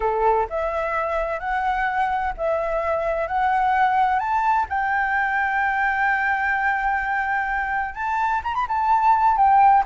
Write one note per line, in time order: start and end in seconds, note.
0.00 0.47 A4
0.49 1.39 E5
1.39 2.33 F#5
2.37 3.27 E5
3.27 4.19 F#5
4.19 4.66 A5
4.69 7.95 G5
7.95 8.41 A5
8.43 8.54 A#5
8.54 8.66 B5
8.67 9.36 A5
9.36 9.83 G5